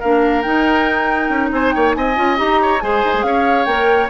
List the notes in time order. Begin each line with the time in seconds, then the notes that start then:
0.00 A#3 D4 A#4 F5
0.42 D#4 G5
1.29 C#4
1.51 C4 C5 G#5
1.71 A#3 C#5 G5
1.94 C4 D#5 G#5
2.16 C#4 F4
2.37 D#4 G4 A#5
2.62 C#5
2.80 G#3 G#4 C5 G#5
3.04 D#4
3.13 G#3
3.23 C#4 C#5 F5
3.65 A#3 A#4 G5